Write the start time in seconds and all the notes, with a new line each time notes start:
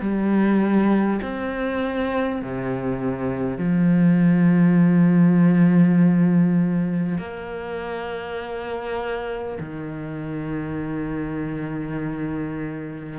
0.00 G3
1.22 C4
2.42 C3
3.58 F3
7.17 A#3
9.59 D#3